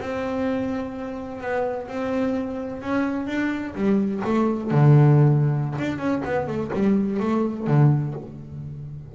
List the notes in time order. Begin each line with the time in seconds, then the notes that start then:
0.00 C4
1.41 B3
1.87 C4
2.82 C#4
3.26 D4
3.75 G3
4.24 A3
4.71 D3
5.79 D4
5.98 C#4
6.24 B3
6.47 A3
6.73 G3
7.19 A3
7.67 D3